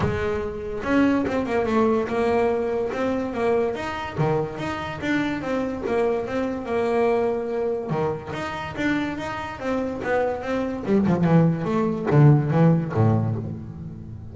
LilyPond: \new Staff \with { instrumentName = "double bass" } { \time 4/4 \tempo 4 = 144 gis2 cis'4 c'8 ais8 | a4 ais2 c'4 | ais4 dis'4 dis4 dis'4 | d'4 c'4 ais4 c'4 |
ais2. dis4 | dis'4 d'4 dis'4 c'4 | b4 c'4 g8 f8 e4 | a4 d4 e4 a,4 | }